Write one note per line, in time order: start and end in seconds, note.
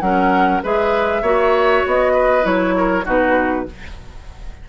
0.00 0.62 F#3
0.00 0.63 C#4
0.00 0.63 A#4
0.00 0.61 F#5
0.63 1.22 G#3
0.63 1.23 G#4
0.63 1.22 B4
0.63 1.86 E5
1.22 1.83 A#3
1.22 2.42 F#4
1.22 2.13 C#5
1.86 2.45 B3
1.86 2.45 D#5
2.13 2.74 B4
2.42 3.05 F#3
2.42 3.02 E4
2.42 3.06 C#5
2.77 3.05 A#4
3.05 3.67 B2
3.05 3.66 D#4
3.05 3.65 F#4
3.05 3.69 B4